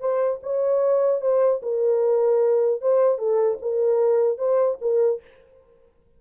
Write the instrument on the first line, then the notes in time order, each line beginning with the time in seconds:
horn
0.00 C5
0.43 C#5
1.21 C5
1.63 A#4
2.81 C5
3.19 A4
3.62 A#4
4.38 C5
4.81 A#4